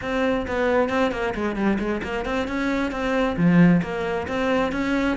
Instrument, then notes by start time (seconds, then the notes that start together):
cello
0.01 C4
0.47 B3
0.89 C4
1.11 A#3
1.34 G#3
1.55 G3
1.79 G#3
2.03 A#3
2.25 C4
2.47 C#4
2.91 C4
3.36 F3
3.82 A#3
4.27 C4
4.72 C#4